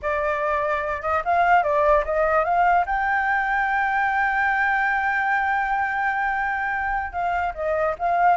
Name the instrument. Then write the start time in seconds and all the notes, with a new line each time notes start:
flute
0.02 D5
1.01 D#5
1.24 F5
1.63 D5
2.04 D#5
2.44 F5
2.86 G5
7.12 F5
7.54 D#5
7.99 F5